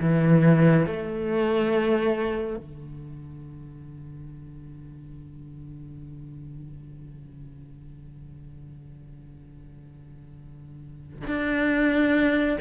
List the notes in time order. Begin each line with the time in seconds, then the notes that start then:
0.00 E3
0.86 A3
2.57 D3
11.27 D4